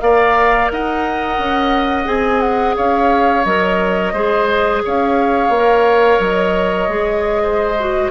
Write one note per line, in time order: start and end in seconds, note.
0.00 0.70 A#3
0.00 2.05 A#4
0.00 0.72 D5
0.00 0.69 F5
0.71 1.39 D#4
0.71 2.76 D#5
0.71 2.08 F#5
1.39 2.06 C#4
2.05 2.75 C4
2.05 3.43 G#4
2.05 2.40 G#5
2.40 2.75 F#5
2.76 3.45 C#4
2.76 4.13 C#5
2.76 3.45 F5
3.45 4.13 F#3
3.45 4.14 A#4
3.45 4.83 D#5
4.13 4.82 G#3
4.13 5.53 G#4
4.13 4.82 C5
4.84 5.49 C#4
4.84 7.43 C#5
4.84 6.22 F5
5.49 6.18 A#3
5.55 6.89 A#4
6.19 6.88 F#3
6.19 8.11 D#5
6.88 8.09 G#3
6.88 7.76 G#4
7.43 8.11 C5
7.79 8.11 F#4